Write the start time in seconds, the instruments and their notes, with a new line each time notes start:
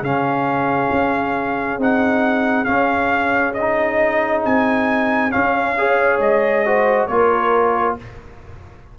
0.00 tuba C#3, trombone C#4, horn G#4, trumpet F5
0.91 tuba C#4
1.77 tuba C4, trombone D#4, trumpet F#5
2.64 trombone C#4, tuba C#4, trumpet F5
3.53 trumpet D#5
3.60 trombone D#4
4.45 tuba C4, trumpet G#5
5.30 trombone C#4, tuba C#4, trumpet F5
5.77 trombone G#4, horn C#5
6.19 tuba G#3, trumpet D#5
6.65 trombone F#4, horn C5
7.07 tuba A#3, trombone F4, horn A#4, trumpet C#5